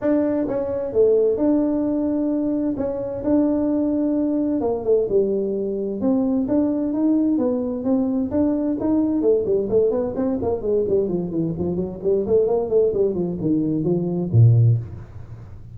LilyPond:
\new Staff \with { instrumentName = "tuba" } { \time 4/4 \tempo 4 = 130 d'4 cis'4 a4 d'4~ | d'2 cis'4 d'4~ | d'2 ais8 a8 g4~ | g4 c'4 d'4 dis'4 |
b4 c'4 d'4 dis'4 | a8 g8 a8 b8 c'8 ais8 gis8 g8 | f8 e8 f8 fis8 g8 a8 ais8 a8 | g8 f8 dis4 f4 ais,4 | }